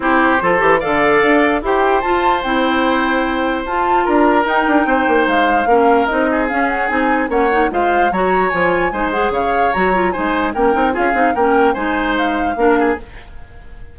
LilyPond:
<<
  \new Staff \with { instrumentName = "flute" } { \time 4/4 \tempo 4 = 148 c''2 f''2 | g''4 a''4 g''2~ | g''4 a''4 ais''4 g''4~ | g''4 f''2 dis''4 |
f''8 fis''8 gis''4 fis''4 f''4 | ais''4 gis''4. fis''8 f''4 | ais''4 gis''4 g''4 f''4 | g''4 gis''4 f''2 | }
  \new Staff \with { instrumentName = "oboe" } { \time 4/4 g'4 a'4 d''2 | c''1~ | c''2 ais'2 | c''2 ais'4. gis'8~ |
gis'2 cis''4 c''4 | cis''2 c''4 cis''4~ | cis''4 c''4 ais'4 gis'4 | ais'4 c''2 ais'8 gis'8 | }
  \new Staff \with { instrumentName = "clarinet" } { \time 4/4 e'4 f'8 g'8 a'2 | g'4 f'4 e'2~ | e'4 f'2 dis'4~ | dis'2 cis'4 dis'4 |
cis'4 dis'4 cis'8 dis'8 f'4 | fis'4 f'4 dis'8 gis'4. | fis'8 f'8 dis'4 cis'8 dis'8 f'8 dis'8 | cis'4 dis'2 d'4 | }
  \new Staff \with { instrumentName = "bassoon" } { \time 4/4 c'4 f8 e8 d4 d'4 | e'4 f'4 c'2~ | c'4 f'4 d'4 dis'8 d'8 | c'8 ais8 gis4 ais4 c'4 |
cis'4 c'4 ais4 gis4 | fis4 f4 gis4 cis4 | fis4 gis4 ais8 c'8 cis'8 c'8 | ais4 gis2 ais4 | }
>>